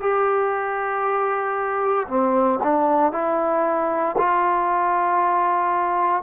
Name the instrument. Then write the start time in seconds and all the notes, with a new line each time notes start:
trombone
0.00 G4
2.07 C4
2.63 D4
3.12 E4
4.18 F4